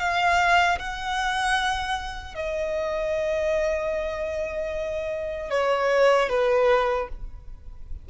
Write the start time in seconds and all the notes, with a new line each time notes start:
0.00 F5
0.79 F#5
2.35 D#5
5.51 C#5
6.30 B4